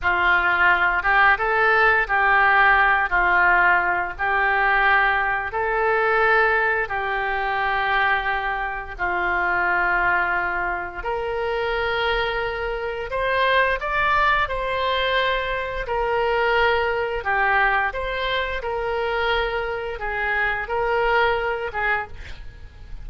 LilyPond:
\new Staff \with { instrumentName = "oboe" } { \time 4/4 \tempo 4 = 87 f'4. g'8 a'4 g'4~ | g'8 f'4. g'2 | a'2 g'2~ | g'4 f'2. |
ais'2. c''4 | d''4 c''2 ais'4~ | ais'4 g'4 c''4 ais'4~ | ais'4 gis'4 ais'4. gis'8 | }